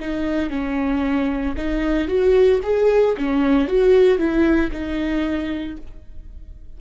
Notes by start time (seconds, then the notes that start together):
0.00 D#4
0.50 C#4
1.57 D#4
2.08 F#4
2.63 G#4
3.18 C#4
3.68 F#4
4.18 E4
4.72 D#4